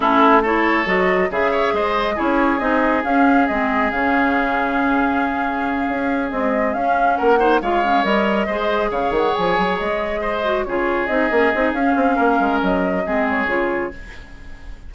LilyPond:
<<
  \new Staff \with { instrumentName = "flute" } { \time 4/4 \tempo 4 = 138 a'4 cis''4 dis''4 e''4 | dis''4 cis''4 dis''4 f''4 | dis''4 f''2.~ | f''2~ f''8 dis''4 f''8~ |
f''8 fis''4 f''4 dis''4.~ | dis''8 f''8 fis''8 gis''4 dis''4.~ | dis''8 cis''4 dis''4. f''4~ | f''4 dis''4. cis''4. | }
  \new Staff \with { instrumentName = "oboe" } { \time 4/4 e'4 a'2 gis'8 cis''8 | c''4 gis'2.~ | gis'1~ | gis'1~ |
gis'8 ais'8 c''8 cis''2 c''8~ | c''8 cis''2. c''8~ | c''8 gis'2.~ gis'8 | ais'2 gis'2 | }
  \new Staff \with { instrumentName = "clarinet" } { \time 4/4 cis'4 e'4 fis'4 gis'4~ | gis'4 e'4 dis'4 cis'4 | c'4 cis'2.~ | cis'2~ cis'8 gis4 cis'8~ |
cis'4 dis'8 f'8 cis'8 ais'4 gis'8~ | gis'1 | fis'8 f'4 dis'8 cis'8 dis'8 cis'4~ | cis'2 c'4 f'4 | }
  \new Staff \with { instrumentName = "bassoon" } { \time 4/4 a2 fis4 cis4 | gis4 cis'4 c'4 cis'4 | gis4 cis2.~ | cis4. cis'4 c'4 cis'8~ |
cis'8 ais4 gis4 g4 gis8~ | gis8 cis8 dis8 f8 fis8 gis4.~ | gis8 cis4 c'8 ais8 c'8 cis'8 c'8 | ais8 gis8 fis4 gis4 cis4 | }
>>